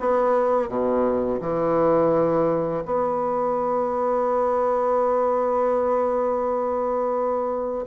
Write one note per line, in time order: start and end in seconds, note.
0.00 0.69 B3
0.69 1.40 B2
1.41 2.84 E3
2.86 7.86 B3